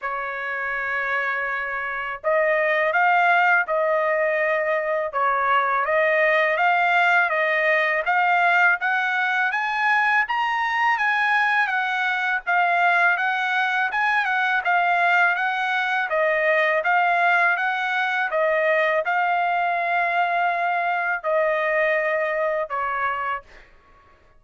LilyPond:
\new Staff \with { instrumentName = "trumpet" } { \time 4/4 \tempo 4 = 82 cis''2. dis''4 | f''4 dis''2 cis''4 | dis''4 f''4 dis''4 f''4 | fis''4 gis''4 ais''4 gis''4 |
fis''4 f''4 fis''4 gis''8 fis''8 | f''4 fis''4 dis''4 f''4 | fis''4 dis''4 f''2~ | f''4 dis''2 cis''4 | }